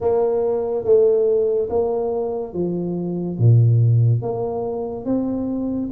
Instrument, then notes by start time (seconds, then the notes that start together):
tuba
0.00 A#3
0.84 A3
1.69 A#3
2.54 F3
3.38 A#2
4.22 A#3
5.05 C4